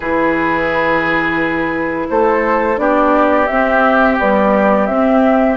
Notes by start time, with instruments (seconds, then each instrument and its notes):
0.00 bassoon E3, clarinet E4, oboe G#4, flute B4
2.09 bassoon A3, oboe A4, flute C5
2.76 bassoon B3, clarinet D4, oboe G4, flute D5
3.47 bassoon C4, clarinet C4, flute E5
4.18 clarinet G3, bassoon B3, flute D5
4.86 bassoon C4, clarinet C4, flute E5